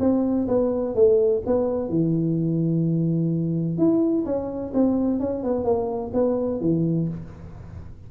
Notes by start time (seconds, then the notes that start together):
0.00 C4
0.48 B3
0.95 A3
1.46 B3
1.89 E3
3.78 E4
4.26 C#4
4.74 C4
5.20 C#4
5.44 B3
5.64 A#3
6.14 B3
6.61 E3